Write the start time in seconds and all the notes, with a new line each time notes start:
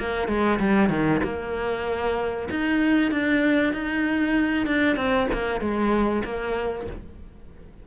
0.00 A#3
0.28 G#3
0.60 G3
0.90 D#3
1.24 A#3
2.51 D#4
3.12 D4
3.74 D#4
4.67 D4
4.97 C4
5.33 A#3
5.61 G#3
6.24 A#3